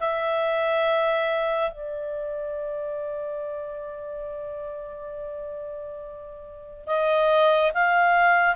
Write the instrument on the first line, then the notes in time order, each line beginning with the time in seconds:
clarinet
0.00 E5
1.71 D5
6.86 D#5
7.74 F5